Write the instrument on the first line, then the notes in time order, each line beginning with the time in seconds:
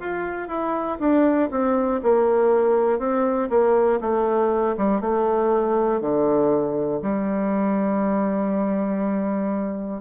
bassoon
0.00 F4
0.48 E4
1.00 D4
1.50 C4
2.03 A#3
2.99 C4
3.50 A#3
4.00 A3
4.77 G3
5.00 A3
6.00 D3
7.02 G3